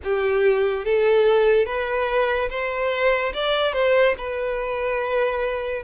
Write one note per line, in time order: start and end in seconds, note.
0.03 0.84 G4
0.84 1.65 A4
1.65 2.48 B4
2.49 3.33 C5
3.33 3.73 D5
3.73 4.14 C5
4.17 5.83 B4